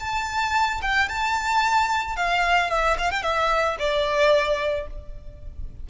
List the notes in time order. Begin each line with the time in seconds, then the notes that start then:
0.00 A5
0.82 G5
1.09 A5
2.16 F5
2.70 E5
2.99 F5
3.11 G5
3.23 E5
3.79 D5